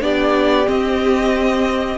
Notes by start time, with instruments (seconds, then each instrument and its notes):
0.00 cello B3, viola D4, violin G4 D5
0.65 viola C4, cello C4, violin D#5